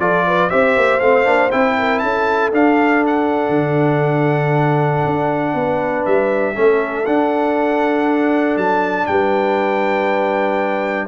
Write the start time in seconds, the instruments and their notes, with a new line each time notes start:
0.00 tuba F3, trombone F4, horn A4, trumpet D5
0.27 horn B4
0.50 tuba C4, trombone G4, horn C5, trumpet E5
0.77 tuba A#3
1.00 tuba A3, trombone C4, trumpet F5
1.25 tuba A#3, trombone D4
1.52 tuba C4, trombone E4, trumpet G5
1.79 horn A#4
2.00 tuba C#4, horn A4, trumpet A5
2.52 tuba D4, trombone D4, trumpet F5
3.07 trumpet F#5
3.50 tuba D3
5.06 tuba D4
5.55 tuba B3, horn B4
6.06 tuba G3, trumpet E5
6.55 tuba A3, trombone C#4, horn A4
7.06 trombone D4, tuba D4, trumpet F#5
8.57 tuba F#3, trumpet A5
9.07 tuba G3, horn B4, trumpet G5